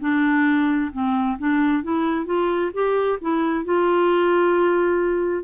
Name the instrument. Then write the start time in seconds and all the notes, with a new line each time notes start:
clarinet
0.00 D4
0.92 C4
1.38 D4
1.83 E4
2.25 F4
2.73 G4
3.21 E4
3.64 F4